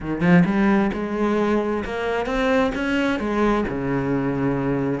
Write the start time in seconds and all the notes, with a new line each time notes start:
0.01 D#3
0.20 F3
0.45 G3
0.93 G#3
1.84 A#3
2.26 C4
2.74 C#4
3.19 G#3
3.68 C#3